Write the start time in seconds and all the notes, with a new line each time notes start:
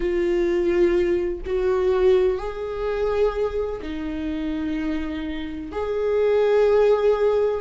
0.00 F4
1.45 F#4
2.38 G#4
3.81 D#4
5.71 G#4